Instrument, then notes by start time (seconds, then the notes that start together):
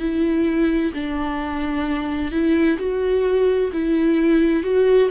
viola
0.00 E4
0.94 D4
2.32 E4
2.79 F#4
3.73 E4
4.64 F#4